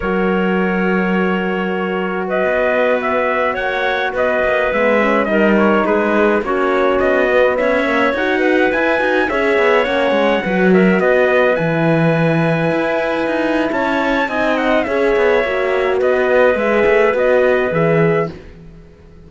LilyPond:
<<
  \new Staff \with { instrumentName = "trumpet" } { \time 4/4 \tempo 4 = 105 cis''1 | dis''4~ dis''16 e''4 fis''4 dis''8.~ | dis''16 e''4 dis''8 cis''8 b'4 cis''8.~ | cis''16 dis''4 e''4 fis''4 gis''8.~ |
gis''16 e''4 fis''4. e''8 dis''8.~ | dis''16 gis''2.~ gis''8. | a''4 gis''8 fis''8 e''2 | dis''4 e''4 dis''4 e''4 | }
  \new Staff \with { instrumentName = "clarinet" } { \time 4/4 ais'1 | b'2~ b'16 cis''4 b'8.~ | b'4~ b'16 ais'4 gis'4 fis'8.~ | fis'4~ fis'16 cis''4. b'4~ b'16~ |
b'16 cis''2 b'8 ais'8 b'8.~ | b'1 | cis''4 dis''4 cis''2 | b'1 | }
  \new Staff \with { instrumentName = "horn" } { \time 4/4 fis'1~ | fis'1~ | fis'16 b8 cis'8 dis'2 cis'8.~ | cis'8. b4 ais8 fis'4 e'8 fis'16~ |
fis'16 gis'4 cis'4 fis'4.~ fis'16~ | fis'16 e'2.~ e'8.~ | e'4 dis'4 gis'4 fis'4~ | fis'4 gis'4 fis'4 gis'4 | }
  \new Staff \with { instrumentName = "cello" } { \time 4/4 fis1~ | fis16 b2 ais4 b8 ais16~ | ais16 gis4 g4 gis4 ais8.~ | ais16 b4 cis'4 dis'4 e'8 dis'16~ |
dis'16 cis'8 b8 ais8 gis8 fis4 b8.~ | b16 e2 e'4 dis'8. | cis'4 c'4 cis'8 b8 ais4 | b4 gis8 a8 b4 e4 | }
>>